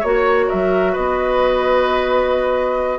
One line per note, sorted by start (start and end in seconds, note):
0.00 0.49 A#3
0.00 2.98 F#4
0.00 0.46 C#5
0.00 0.49 C#5
0.48 0.97 F#3
0.48 0.92 A#4
0.48 0.95 E5
0.92 2.98 B3
0.92 2.98 B4
0.92 2.98 D#5